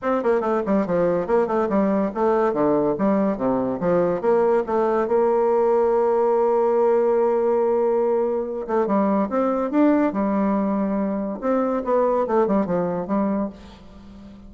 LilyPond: \new Staff \with { instrumentName = "bassoon" } { \time 4/4 \tempo 4 = 142 c'8 ais8 a8 g8 f4 ais8 a8 | g4 a4 d4 g4 | c4 f4 ais4 a4 | ais1~ |
ais1~ | ais8 a8 g4 c'4 d'4 | g2. c'4 | b4 a8 g8 f4 g4 | }